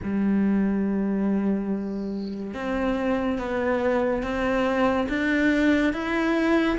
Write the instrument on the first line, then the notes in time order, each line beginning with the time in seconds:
cello
0.03 G3
2.54 C4
3.38 B3
4.23 C4
5.08 D4
5.93 E4